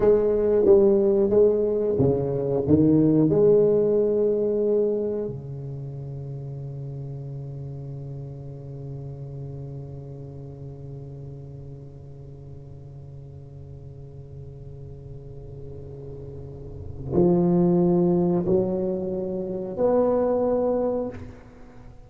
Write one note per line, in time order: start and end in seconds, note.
0.00 0.65 G#3
0.65 1.29 G3
1.29 1.95 G#3
1.98 2.64 C#3
2.67 3.29 D#3
3.29 5.27 G#3
5.27 17.13 C#3
17.13 18.45 F3
18.46 19.77 F#3
19.77 21.09 B3